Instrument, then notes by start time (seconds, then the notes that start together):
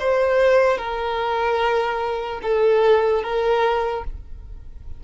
violin
0.00 C5
0.78 A#4
2.43 A4
3.23 A#4